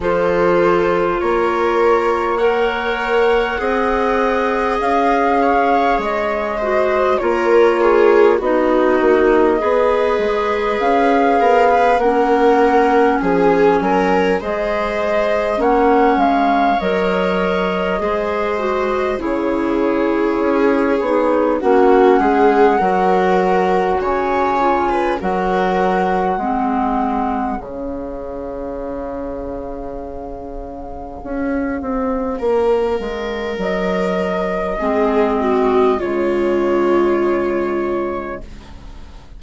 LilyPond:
<<
  \new Staff \with { instrumentName = "flute" } { \time 4/4 \tempo 4 = 50 c''4 cis''4 fis''2 | f''4 dis''4 cis''4 dis''4~ | dis''4 f''4 fis''4 gis''4 | dis''4 fis''8 f''8 dis''2 |
cis''2 fis''2 | gis''4 fis''2 f''4~ | f''1 | dis''2 cis''2 | }
  \new Staff \with { instrumentName = "viola" } { \time 4/4 a'4 ais'4 cis''4 dis''4~ | dis''8 cis''4 c''8 ais'8 gis'8 fis'4 | b'4. ais'16 b'16 ais'4 gis'8 ais'8 | c''4 cis''2 c''4 |
gis'2 fis'8 gis'8 ais'4 | cis''8. b'16 ais'4 gis'2~ | gis'2. ais'4~ | ais'4 gis'8 fis'8 f'2 | }
  \new Staff \with { instrumentName = "clarinet" } { \time 4/4 f'2 ais'4 gis'4~ | gis'4. fis'8 f'4 dis'4 | gis'2 cis'2 | gis'4 cis'4 ais'4 gis'8 fis'8 |
e'4. dis'8 cis'4 fis'4~ | fis'8 f'8 fis'4 c'4 cis'4~ | cis'1~ | cis'4 c'4 gis2 | }
  \new Staff \with { instrumentName = "bassoon" } { \time 4/4 f4 ais2 c'4 | cis'4 gis4 ais4 b8 ais8 | b8 gis8 cis'8 b8 ais4 f8 fis8 | gis4 ais8 gis8 fis4 gis4 |
cis4 cis'8 b8 ais8 gis8 fis4 | cis4 fis4 gis4 cis4~ | cis2 cis'8 c'8 ais8 gis8 | fis4 gis4 cis2 | }
>>